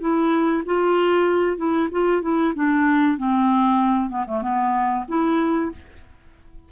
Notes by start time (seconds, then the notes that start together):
0.00 E4
0.65 F4
1.57 E4
1.91 F4
2.22 E4
2.55 D4
3.18 C4
4.09 B3
4.27 A3
4.42 B3
5.08 E4